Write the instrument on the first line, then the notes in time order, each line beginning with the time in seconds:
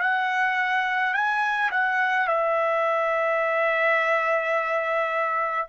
trumpet
0.00 F#5
1.13 G#5
1.71 F#5
2.27 E5